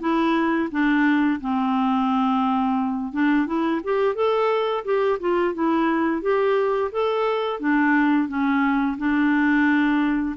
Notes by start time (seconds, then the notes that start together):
0.00 E4
0.71 D4
1.40 C4
3.13 D4
3.47 E4
3.84 G4
4.15 A4
4.85 G4
5.20 F4
5.54 E4
6.22 G4
6.92 A4
7.60 D4
8.28 C#4
8.98 D4